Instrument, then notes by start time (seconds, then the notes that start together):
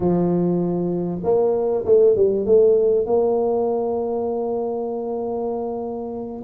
tuba
0.00 F3
1.23 A#3
1.85 A3
2.16 G3
2.46 A3
3.06 A#3